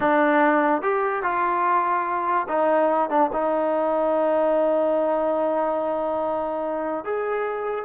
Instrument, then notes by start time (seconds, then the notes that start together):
trombone
0.00 D4
0.81 G4
1.23 F4
2.48 D#4
3.09 D4
3.32 D#4
7.04 G#4